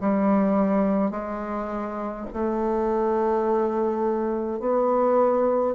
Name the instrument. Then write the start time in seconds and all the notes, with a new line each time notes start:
bassoon
0.00 G3
1.11 G#3
2.33 A3
4.59 B3